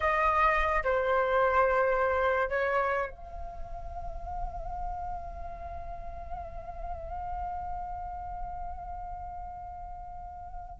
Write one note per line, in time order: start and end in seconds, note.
0.00 0.83 D#5
0.83 2.48 C5
2.48 3.10 C#5
3.10 10.80 F5